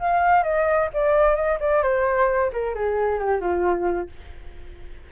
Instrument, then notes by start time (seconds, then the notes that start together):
flute
0.00 F5
0.44 D#5
0.94 D5
1.36 D#5
1.60 D5
1.83 C5
2.53 A#4
2.75 G#4
3.20 G4
3.41 F4